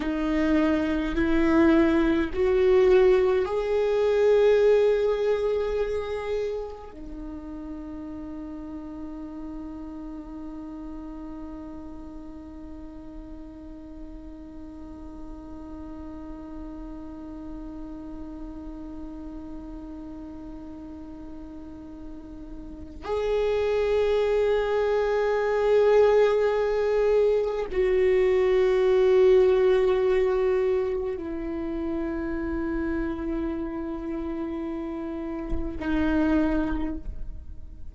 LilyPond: \new Staff \with { instrumentName = "viola" } { \time 4/4 \tempo 4 = 52 dis'4 e'4 fis'4 gis'4~ | gis'2 dis'2~ | dis'1~ | dis'1~ |
dis'1 | gis'1 | fis'2. e'4~ | e'2. dis'4 | }